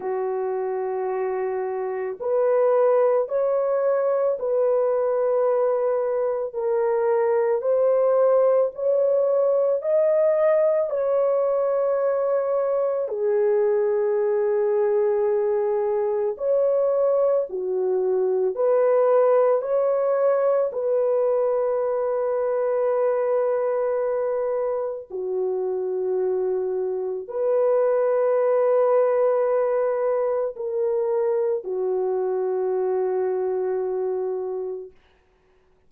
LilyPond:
\new Staff \with { instrumentName = "horn" } { \time 4/4 \tempo 4 = 55 fis'2 b'4 cis''4 | b'2 ais'4 c''4 | cis''4 dis''4 cis''2 | gis'2. cis''4 |
fis'4 b'4 cis''4 b'4~ | b'2. fis'4~ | fis'4 b'2. | ais'4 fis'2. | }